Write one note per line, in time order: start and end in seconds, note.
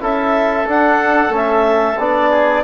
0.00 0.66 C#4
0.00 0.65 E4
0.00 2.30 A4
0.00 0.68 E5
0.66 1.31 D4
0.66 1.29 D4
0.66 1.35 F#5
1.29 1.94 A3
1.29 1.96 C#4
1.36 1.99 E5
1.98 2.64 B3
1.98 2.64 D4
1.98 2.64 D5
2.30 2.63 G#4